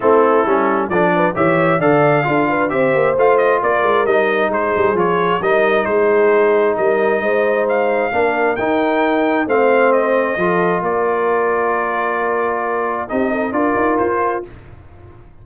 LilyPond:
<<
  \new Staff \with { instrumentName = "trumpet" } { \time 4/4 \tempo 4 = 133 a'2 d''4 e''4 | f''2 e''4 f''8 dis''8 | d''4 dis''4 c''4 cis''4 | dis''4 c''2 dis''4~ |
dis''4 f''2 g''4~ | g''4 f''4 dis''2 | d''1~ | d''4 dis''4 d''4 c''4 | }
  \new Staff \with { instrumentName = "horn" } { \time 4/4 e'2 a'8 b'8 cis''4 | d''4 a'8 b'8 c''2 | ais'2 gis'2 | ais'4 gis'2 ais'4 |
c''2 ais'2~ | ais'4 c''2 a'4 | ais'1~ | ais'4 g'8 a'8 ais'2 | }
  \new Staff \with { instrumentName = "trombone" } { \time 4/4 c'4 cis'4 d'4 g'4 | a'4 f'4 g'4 f'4~ | f'4 dis'2 f'4 | dis'1~ |
dis'2 d'4 dis'4~ | dis'4 c'2 f'4~ | f'1~ | f'4 dis'4 f'2 | }
  \new Staff \with { instrumentName = "tuba" } { \time 4/4 a4 g4 f4 e4 | d4 d'4 c'8 ais8 a4 | ais8 gis8 g4 gis8 g8 f4 | g4 gis2 g4 |
gis2 ais4 dis'4~ | dis'4 a2 f4 | ais1~ | ais4 c'4 d'8 dis'8 f'4 | }
>>